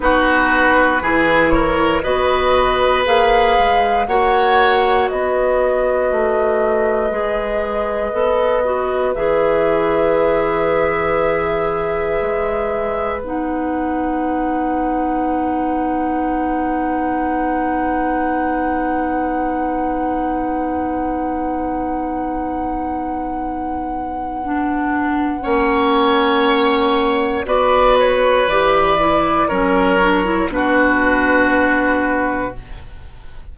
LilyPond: <<
  \new Staff \with { instrumentName = "flute" } { \time 4/4 \tempo 4 = 59 b'4. cis''8 dis''4 f''4 | fis''4 dis''2.~ | dis''4 e''2.~ | e''4 fis''2.~ |
fis''1~ | fis''1~ | fis''2. d''8 cis''8 | d''4 cis''4 b'2 | }
  \new Staff \with { instrumentName = "oboe" } { \time 4/4 fis'4 gis'8 ais'8 b'2 | cis''4 b'2.~ | b'1~ | b'1~ |
b'1~ | b'1~ | b'4 cis''2 b'4~ | b'4 ais'4 fis'2 | }
  \new Staff \with { instrumentName = "clarinet" } { \time 4/4 dis'4 e'4 fis'4 gis'4 | fis'2. gis'4 | a'8 fis'8 gis'2.~ | gis'4 dis'2.~ |
dis'1~ | dis'1 | d'4 cis'2 fis'4 | g'8 e'8 cis'8 d'16 e'16 d'2 | }
  \new Staff \with { instrumentName = "bassoon" } { \time 4/4 b4 e4 b4 ais8 gis8 | ais4 b4 a4 gis4 | b4 e2. | gis4 b2.~ |
b1~ | b1~ | b4 ais2 b4 | e4 fis4 b,2 | }
>>